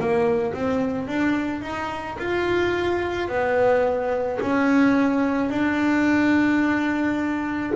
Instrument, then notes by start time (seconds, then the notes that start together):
double bass
0.00 A#3
0.54 C4
1.08 D4
1.62 D#4
2.19 F4
3.29 B3
4.41 C#4
5.51 D4